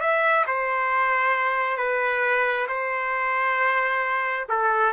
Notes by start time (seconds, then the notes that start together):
0.00 E5
0.47 C5
1.77 B4
2.67 C5
4.49 A4